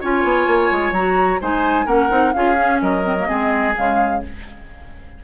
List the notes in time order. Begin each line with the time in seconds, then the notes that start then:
0.00 C#4 F4 C#5 G#5
0.23 B3
0.47 A#3
0.71 G#3
0.91 F#3 F#4 A#5
1.40 G#3 D#4 C5 G#5
1.85 A#3 C#4 A#4 F#5
2.09 C4 D#4
2.33 C#4 F4 G#4 F5
2.55 C#4
2.81 F#3 A#4 D#5
3.04 C4
3.18 A#3
3.28 G#3 C4 G#4
3.75 C#3 G#3 F5